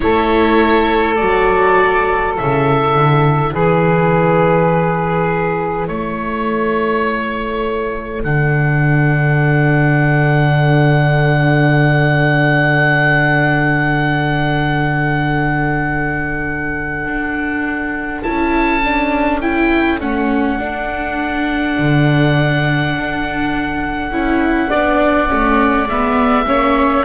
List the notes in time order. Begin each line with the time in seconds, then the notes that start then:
0.00 A3 E4 A4 C#5
1.16 F#3 F#4 D5
2.35 C#3 E4 E5
2.94 D3
3.52 E3 G#4 B4
5.87 A3 A4 C#5
8.24 D3 D4 F#5
17.05 D4
18.23 C#4 E4 A5
18.84 D4
19.41 E4 G5
20.00 A3 C#4 F#5
20.58 D4
21.78 D3
22.96 D4
24.10 C#4 E4
24.69 B3 D4 D5
25.28 A3 C#4
25.87 G#3 B3 E5
26.46 A#3 C#4 C#5